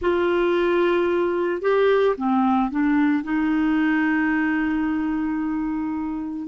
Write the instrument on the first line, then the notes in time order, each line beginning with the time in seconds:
clarinet
0.01 F4
1.61 G4
2.16 C4
2.70 D4
3.23 D#4